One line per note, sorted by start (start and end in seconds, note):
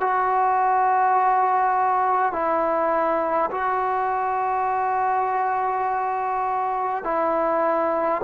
0.00 2.32 F#4
2.32 3.50 E4
3.51 7.04 F#4
7.04 8.21 E4